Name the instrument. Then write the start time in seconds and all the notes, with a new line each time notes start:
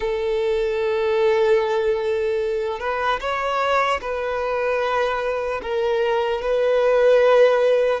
violin
0.00 A4
2.79 B4
3.20 C#5
4.01 B4
5.62 A#4
6.41 B4